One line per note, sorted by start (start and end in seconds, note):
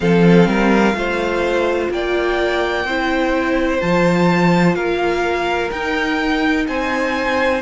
0.00 0.46 F3
0.00 0.94 C4
0.00 0.48 A4
0.00 1.88 F5
0.46 0.93 G3
0.46 0.95 A#4
0.93 1.88 A3
0.93 2.85 F4
0.93 1.92 C5
1.90 2.84 A#3
1.90 2.86 D5
1.90 3.81 G5
2.84 3.79 C4
2.84 3.81 E4
2.84 4.76 C5
3.81 4.75 F3
3.81 5.71 F4
3.81 4.75 A5
4.75 5.70 A#3
4.75 6.66 A#4
4.75 5.70 F5
5.71 6.67 D#4
5.71 7.62 D#4
5.71 6.66 G5
6.67 7.62 C4
6.67 7.62 C5
6.67 7.62 G#5